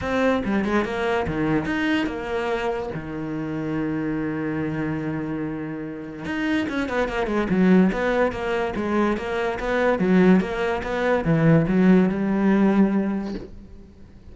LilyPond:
\new Staff \with { instrumentName = "cello" } { \time 4/4 \tempo 4 = 144 c'4 g8 gis8 ais4 dis4 | dis'4 ais2 dis4~ | dis1~ | dis2. dis'4 |
cis'8 b8 ais8 gis8 fis4 b4 | ais4 gis4 ais4 b4 | fis4 ais4 b4 e4 | fis4 g2. | }